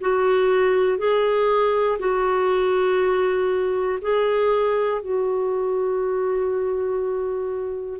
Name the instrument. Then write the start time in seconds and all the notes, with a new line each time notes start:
clarinet
0.00 F#4
0.98 G#4
1.99 F#4
4.01 G#4
5.01 F#4